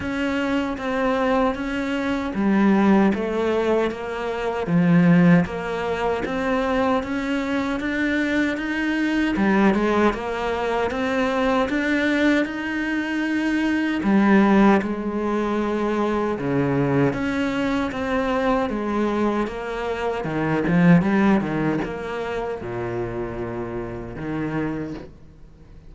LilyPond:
\new Staff \with { instrumentName = "cello" } { \time 4/4 \tempo 4 = 77 cis'4 c'4 cis'4 g4 | a4 ais4 f4 ais4 | c'4 cis'4 d'4 dis'4 | g8 gis8 ais4 c'4 d'4 |
dis'2 g4 gis4~ | gis4 cis4 cis'4 c'4 | gis4 ais4 dis8 f8 g8 dis8 | ais4 ais,2 dis4 | }